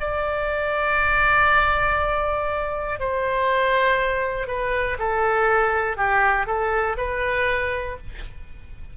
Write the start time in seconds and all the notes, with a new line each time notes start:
0.00 D5
3.00 C5
4.48 B4
4.99 A4
5.97 G4
6.46 A4
6.97 B4